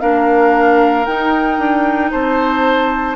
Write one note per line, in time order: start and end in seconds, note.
0.00 1.07 A#3
0.00 1.05 D4
0.00 2.11 A#4
0.00 1.05 F5
1.05 1.59 D#4
1.05 3.16 D#4
1.05 2.11 G5
1.59 2.11 D4
2.11 3.16 C4
2.11 3.16 C5
2.11 3.16 A5